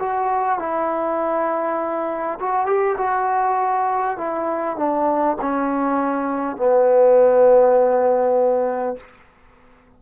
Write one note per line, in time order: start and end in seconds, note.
0.00 0.59 F#4
0.59 2.39 E4
2.40 2.66 F#4
2.66 2.96 G4
2.98 4.18 F#4
4.18 4.77 E4
4.77 5.37 D4
5.42 6.57 C#4
6.57 8.97 B3